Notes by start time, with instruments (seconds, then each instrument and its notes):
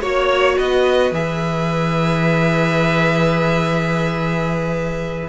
0.00 cello A#3, viola F#4, violin C#5
0.57 cello B3, violin B4 D#5
1.11 cello E3, viola G#4, violin E5